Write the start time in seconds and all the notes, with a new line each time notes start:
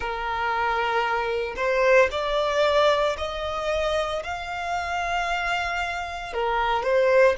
0.00 A#4
1.56 C5
2.11 D5
3.17 D#5
4.23 F5
6.33 A#4
6.83 C5